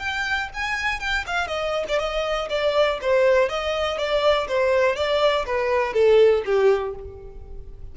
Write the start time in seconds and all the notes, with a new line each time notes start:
0.00 G5
0.54 G#5
1.00 G5
1.27 F5
1.48 D#5
1.89 D5
1.99 D#5
2.50 D5
3.02 C5
3.50 D#5
3.98 D5
4.48 C5
4.96 D5
5.47 B4
5.94 A4
6.46 G4